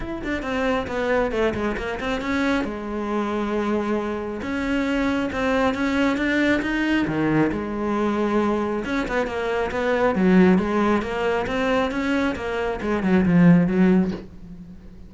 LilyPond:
\new Staff \with { instrumentName = "cello" } { \time 4/4 \tempo 4 = 136 e'8 d'8 c'4 b4 a8 gis8 | ais8 c'8 cis'4 gis2~ | gis2 cis'2 | c'4 cis'4 d'4 dis'4 |
dis4 gis2. | cis'8 b8 ais4 b4 fis4 | gis4 ais4 c'4 cis'4 | ais4 gis8 fis8 f4 fis4 | }